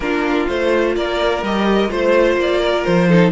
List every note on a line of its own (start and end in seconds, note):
0.00 0.45 A#3
0.00 0.49 D4
0.00 0.96 F4
0.00 0.47 A#4
0.48 0.96 A3
0.48 1.44 F4
0.48 0.95 C5
0.96 1.42 A#3
0.96 1.89 A#4
0.96 1.43 D5
1.42 1.90 G3
1.42 1.89 G4
1.42 1.91 D#5
1.89 2.36 A3
1.89 3.08 F4
1.89 2.60 C5
1.89 2.38 C5
2.36 2.83 A#3
2.36 2.84 D5
2.60 3.08 A#4
2.84 3.32 F3
2.84 3.31 C5
3.08 3.32 D#4
3.08 3.32 A4